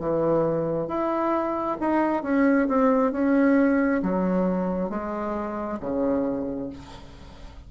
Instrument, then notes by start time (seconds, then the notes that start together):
bassoon
0.00 E3
0.88 E4
1.80 D#4
2.23 C#4
2.68 C4
3.12 C#4
4.03 F#3
4.90 G#3
5.80 C#3